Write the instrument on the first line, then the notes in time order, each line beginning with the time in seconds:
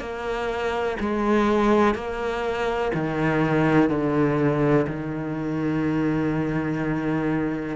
cello
0.00 A#3
1.00 G#3
1.95 A#3
2.95 D#3
3.90 D3
4.87 D#3